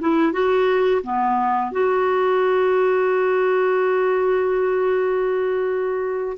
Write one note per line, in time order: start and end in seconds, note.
0.00 0.32 E4
0.32 1.01 F#4
1.03 1.71 B3
1.71 6.37 F#4